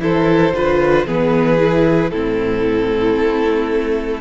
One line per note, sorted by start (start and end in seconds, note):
0.00 0.53 E3
0.00 0.53 E4
0.00 0.55 A4
0.00 1.08 C5
0.53 1.05 D3
0.53 1.07 F4
0.53 1.06 B4
1.06 2.12 E3
1.06 1.58 B3
1.06 2.12 G#4
1.06 2.11 B4
1.58 2.11 E4
2.11 3.17 A2
2.11 4.21 C4
2.11 4.21 E4
2.11 4.21 A4
3.17 4.21 A3